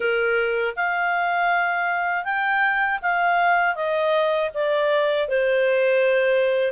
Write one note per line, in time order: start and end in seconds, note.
0.00 0.75 A#4
0.75 2.24 F5
2.24 2.99 G5
3.01 3.75 F5
3.75 4.50 D#5
4.54 5.28 D5
5.28 6.72 C5